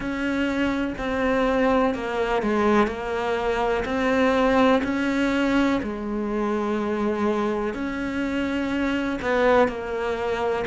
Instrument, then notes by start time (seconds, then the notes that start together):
cello
0.00 C#4
0.98 C4
1.94 A#3
2.42 G#3
2.87 A#3
3.85 C4
4.83 C#4
5.82 G#3
7.74 C#4
9.22 B3
9.68 A#3